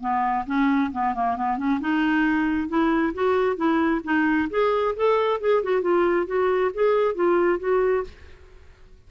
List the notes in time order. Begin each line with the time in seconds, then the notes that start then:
0.00 B3
0.46 C#4
0.92 B3
1.14 A#3
1.36 B3
1.58 C#4
1.80 D#4
2.68 E4
3.14 F#4
3.56 E4
4.04 D#4
4.50 G#4
4.96 A4
5.40 G#4
5.63 F#4
5.81 F4
6.26 F#4
6.74 G#4
7.14 F4
7.59 F#4